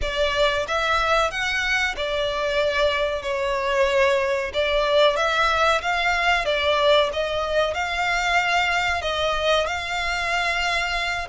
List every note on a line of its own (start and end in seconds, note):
0.01 0.66 D5
0.67 1.30 E5
1.30 1.95 F#5
1.96 3.22 D5
3.22 4.51 C#5
4.53 5.16 D5
5.16 5.81 E5
5.81 6.45 F5
6.45 7.09 D5
7.12 7.74 D#5
7.74 9.01 F5
9.01 9.66 D#5
9.66 11.27 F5